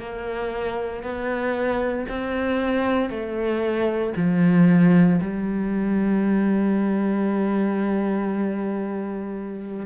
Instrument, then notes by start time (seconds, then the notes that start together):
cello
0.00 A#3
1.03 B3
2.09 C4
3.10 A3
4.17 F3
5.21 G3